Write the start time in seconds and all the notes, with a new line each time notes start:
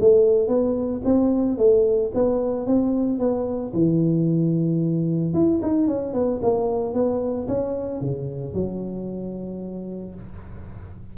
0.00 A3
0.48 B3
1.04 C4
1.58 A3
2.14 B3
2.66 C4
3.19 B3
3.73 E3
5.34 E4
5.62 D#4
5.87 C#4
6.14 B3
6.42 A#3
6.94 B3
7.48 C#4
8.01 C#3
8.54 F#3